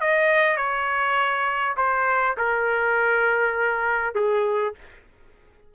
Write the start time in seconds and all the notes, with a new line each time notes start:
0.00 D#5
0.56 C#5
1.77 C5
2.37 A#4
4.14 G#4